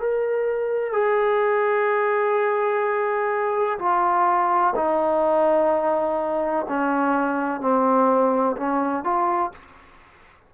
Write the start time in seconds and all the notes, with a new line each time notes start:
0.00 A#4
0.93 G#4
3.79 F4
4.76 D#4
6.69 C#4
7.61 C4
8.57 C#4
9.04 F4